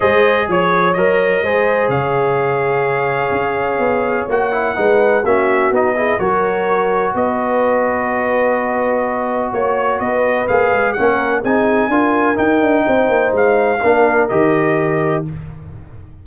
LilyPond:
<<
  \new Staff \with { instrumentName = "trumpet" } { \time 4/4 \tempo 4 = 126 dis''4 cis''4 dis''2 | f''1~ | f''4 fis''2 e''4 | dis''4 cis''2 dis''4~ |
dis''1 | cis''4 dis''4 f''4 fis''4 | gis''2 g''2 | f''2 dis''2 | }
  \new Staff \with { instrumentName = "horn" } { \time 4/4 c''4 cis''2 c''4 | cis''1~ | cis''2 b'4 fis'4~ | fis'8 gis'8 ais'2 b'4~ |
b'1 | cis''4 b'2 ais'4 | gis'4 ais'2 c''4~ | c''4 ais'2. | }
  \new Staff \with { instrumentName = "trombone" } { \time 4/4 gis'2 ais'4 gis'4~ | gis'1~ | gis'4 fis'8 e'8 dis'4 cis'4 | dis'8 e'8 fis'2.~ |
fis'1~ | fis'2 gis'4 cis'4 | dis'4 f'4 dis'2~ | dis'4 d'4 g'2 | }
  \new Staff \with { instrumentName = "tuba" } { \time 4/4 gis4 f4 fis4 gis4 | cis2. cis'4 | b4 ais4 gis4 ais4 | b4 fis2 b4~ |
b1 | ais4 b4 ais8 gis8 ais4 | c'4 d'4 dis'8 d'8 c'8 ais8 | gis4 ais4 dis2 | }
>>